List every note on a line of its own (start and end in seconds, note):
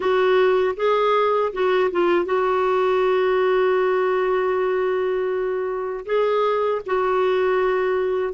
0.00 0.75 F#4
0.76 1.52 G#4
1.53 1.91 F#4
1.91 2.25 F4
2.25 6.05 F#4
6.06 6.81 G#4
6.86 8.33 F#4